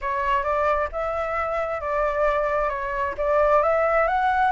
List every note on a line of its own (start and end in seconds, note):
0.01 0.43 C#5
0.43 0.88 D5
0.91 1.80 E5
1.80 2.69 D5
2.69 3.14 C#5
3.17 3.62 D5
3.62 4.07 E5
4.07 4.51 F#5